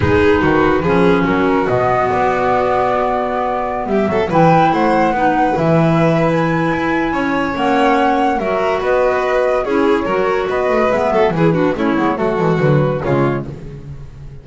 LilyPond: <<
  \new Staff \with { instrumentName = "flute" } { \time 4/4 \tempo 4 = 143 b'2. ais'4 | dis''4 d''2.~ | d''4~ d''16 e''4 g''4 fis''8.~ | fis''4~ fis''16 e''4.~ e''16 gis''4~ |
gis''2 fis''2 | e''4 dis''2 cis''4~ | cis''4 dis''4 e''4 b'4 | cis''4 a'4 b'4 cis''4 | }
  \new Staff \with { instrumentName = "violin" } { \time 4/4 gis'4 fis'4 gis'4 fis'4~ | fis'1~ | fis'4~ fis'16 g'8 a'8 b'4 c''8.~ | c''16 b'2.~ b'8.~ |
b'4 cis''2. | ais'4 b'2 gis'4 | ais'4 b'4. a'8 gis'8 fis'8 | e'4 fis'2 f'4 | }
  \new Staff \with { instrumentName = "clarinet" } { \time 4/4 dis'2 cis'2 | b1~ | b2~ b16 e'4.~ e'16~ | e'16 dis'4 e'2~ e'8.~ |
e'2 cis'2 | fis'2. e'4 | fis'2 b4 e'8 d'8 | cis'8 b8 a8 gis8 fis4 gis4 | }
  \new Staff \with { instrumentName = "double bass" } { \time 4/4 gis4 dis4 f4 fis4 | b,4 b2.~ | b4~ b16 g8 fis8 e4 a8.~ | a16 b4 e2~ e8. |
e'4 cis'4 ais2 | fis4 b2 cis'4 | fis4 b8 a8 gis8 fis8 e4 | a8 gis8 fis8 e8 d4 cis4 | }
>>